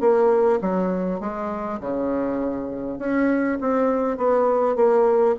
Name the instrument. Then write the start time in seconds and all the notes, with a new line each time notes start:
bassoon
0.00 A#3
0.61 F#3
1.20 G#3
1.80 C#3
2.99 C#4
3.60 C4
4.17 B3
4.76 A#3